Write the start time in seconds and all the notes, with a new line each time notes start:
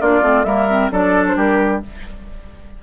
0.00 A#3 D4 F4 D5
0.21 A3 C4
0.44 G3 A#3 A#4 E5
0.69 C4
0.91 F#3 D4 A4 D5
1.27 C5
1.36 G3 G4 A#4